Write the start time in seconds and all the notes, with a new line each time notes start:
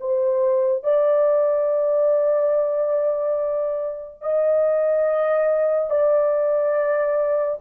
0.00 C5
0.83 D5
4.21 D#5
5.90 D5